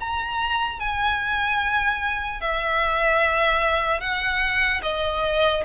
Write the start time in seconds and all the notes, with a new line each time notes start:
0.00 A#5
0.80 G#5
2.41 E5
4.00 F#5
4.82 D#5